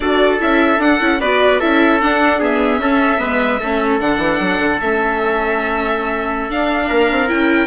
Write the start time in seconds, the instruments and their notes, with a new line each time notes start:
0.00 bassoon D4, viola F#4, trumpet A4, violin D5
0.39 bassoon C#4, viola E4, violin E5
0.78 bassoon D4, viola D4, violin F#5
1.00 bassoon C#4, viola E4
1.20 bassoon B3, viola F#4, trumpet B4, violin D5
1.59 bassoon C#4, viola E4, trumpet A4, violin E5
2.01 viola D4, bassoon D4, violin F#5
2.39 viola B3, trumpet G#4, violin E5
2.78 bassoon C#4, viola C#4, trumpet A4
3.17 bassoon G#3, viola B3, trumpet B4
3.60 bassoon A3, viola C#4, trumpet A4
3.99 bassoon D3, viola D4, violin F#5
4.17 bassoon E3
4.40 bassoon F#3
4.58 bassoon D3
4.81 bassoon A3, viola C#4, violin E5
6.49 viola D4, bassoon D4, violin F5
6.87 bassoon A#3, trumpet A#4
7.10 bassoon C4
7.27 bassoon C#4, viola E4, violin G5